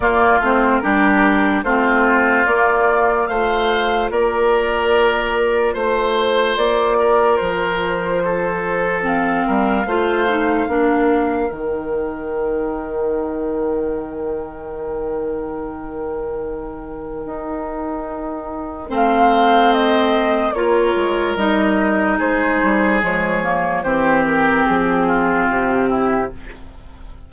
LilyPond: <<
  \new Staff \with { instrumentName = "flute" } { \time 4/4 \tempo 4 = 73 d''8 c''8 ais'4 c''4 d''4 | f''4 d''2 c''4 | d''4 c''2 f''4~ | f''2 g''2~ |
g''1~ | g''2. f''4 | dis''4 cis''4 dis''4 c''4 | cis''4 c''8 ais'8 gis'4 g'4 | }
  \new Staff \with { instrumentName = "oboe" } { \time 4/4 f'4 g'4 f'2 | c''4 ais'2 c''4~ | c''8 ais'4. a'4. ais'8 | c''4 ais'2.~ |
ais'1~ | ais'2. c''4~ | c''4 ais'2 gis'4~ | gis'4 g'4. f'4 e'8 | }
  \new Staff \with { instrumentName = "clarinet" } { \time 4/4 ais8 c'8 d'4 c'4 ais4 | f'1~ | f'2. c'4 | f'8 dis'8 d'4 dis'2~ |
dis'1~ | dis'2. c'4~ | c'4 f'4 dis'2 | gis8 ais8 c'2. | }
  \new Staff \with { instrumentName = "bassoon" } { \time 4/4 ais8 a8 g4 a4 ais4 | a4 ais2 a4 | ais4 f2~ f8 g8 | a4 ais4 dis2~ |
dis1~ | dis4 dis'2 a4~ | a4 ais8 gis8 g4 gis8 g8 | f4 e4 f4 c4 | }
>>